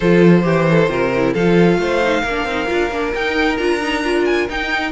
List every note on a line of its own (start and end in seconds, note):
0.00 0.44 F3
0.00 0.42 F4
0.00 0.43 A4
0.00 1.33 C5
0.42 0.89 E3
0.42 0.87 G4
0.42 0.66 G4
0.69 0.91 A4
0.88 1.33 C3
0.88 1.10 F4
0.88 1.33 A#4
1.16 1.37 E4
1.33 1.78 F3
1.33 2.02 F4
1.33 1.78 A4
1.33 3.13 F5
1.78 2.23 A3
1.78 2.22 C5
2.02 2.24 D#4
2.22 2.44 A#3
2.22 4.90 A#4
2.29 2.49 D4
2.44 2.67 C4
2.44 2.67 D#4
2.67 2.90 D4
2.67 2.89 F4
2.90 3.13 A#3
2.90 3.14 D4
3.15 3.58 D#4
3.15 3.57 G5
3.57 4.48 D4
3.57 3.80 F4
3.57 4.24 A#5
3.81 4.03 D#4
4.03 4.48 F4
4.25 4.47 G#5
4.48 4.91 D#4
4.48 4.91 G5